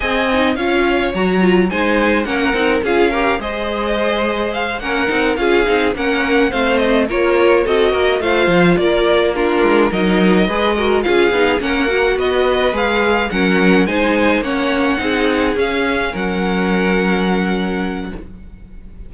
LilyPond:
<<
  \new Staff \with { instrumentName = "violin" } { \time 4/4 \tempo 4 = 106 gis''4 f''4 ais''4 gis''4 | fis''4 f''4 dis''2 | f''8 fis''4 f''4 fis''4 f''8 | dis''8 cis''4 dis''4 f''4 d''8~ |
d''8 ais'4 dis''2 f''8~ | f''8 fis''4 dis''4 f''4 fis''8~ | fis''8 gis''4 fis''2 f''8~ | f''8 fis''2.~ fis''8 | }
  \new Staff \with { instrumentName = "violin" } { \time 4/4 dis''4 cis''2 c''4 | ais'4 gis'8 ais'8 c''2~ | c''8 ais'4 gis'4 ais'4 c''8~ | c''8 ais'4 a'8 ais'8 c''4 ais'8~ |
ais'8 f'4 ais'4 b'8 ais'8 gis'8~ | gis'8 ais'4 b'2 ais'8~ | ais'8 c''4 cis''4 gis'4.~ | gis'8 ais'2.~ ais'8 | }
  \new Staff \with { instrumentName = "viola" } { \time 4/4 gis'8 dis'8 f'4 fis'8 f'8 dis'4 | cis'8 dis'8 f'8 g'8 gis'2~ | gis'8 cis'8 dis'8 f'8 dis'8 cis'4 c'8~ | c'8 f'4 fis'4 f'4.~ |
f'8 d'4 dis'4 gis'8 fis'8 f'8 | dis'8 cis'8 fis'4. gis'4 cis'8~ | cis'8 dis'4 cis'4 dis'4 cis'8~ | cis'1 | }
  \new Staff \with { instrumentName = "cello" } { \time 4/4 c'4 cis'4 fis4 gis4 | ais8 c'8 cis'4 gis2~ | gis8 ais8 c'8 cis'8 c'8 ais4 a8~ | a8 ais4 c'8 ais8 a8 f8 ais8~ |
ais4 gis8 fis4 gis4 cis'8 | b8 ais4 b4 gis4 fis8~ | fis8 gis4 ais4 c'4 cis'8~ | cis'8 fis2.~ fis8 | }
>>